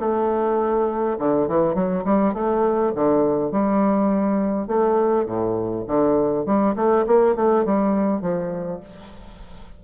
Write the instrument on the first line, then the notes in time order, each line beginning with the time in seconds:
bassoon
0.00 A3
1.19 D3
1.48 E3
1.75 F#3
2.05 G3
2.34 A3
2.95 D3
3.51 G3
4.68 A3
5.26 A2
5.87 D3
6.46 G3
6.76 A3
7.07 A#3
7.36 A3
7.65 G3
8.21 F3